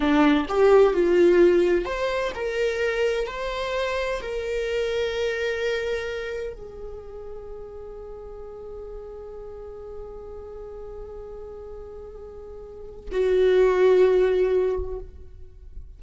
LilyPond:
\new Staff \with { instrumentName = "viola" } { \time 4/4 \tempo 4 = 128 d'4 g'4 f'2 | c''4 ais'2 c''4~ | c''4 ais'2.~ | ais'2 gis'2~ |
gis'1~ | gis'1~ | gis'1 | fis'1 | }